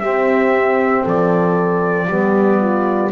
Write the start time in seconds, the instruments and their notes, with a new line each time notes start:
0.00 double bass C4, saxophone C4, horn G4, trumpet E5
1.04 double bass F3, horn A4, trumpet D5
2.07 double bass G3, saxophone B3, horn G4
2.60 horn F4